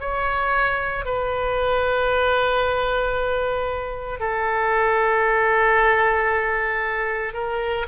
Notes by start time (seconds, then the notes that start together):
0.00 C#5
1.05 B4
4.20 A4
7.33 A#4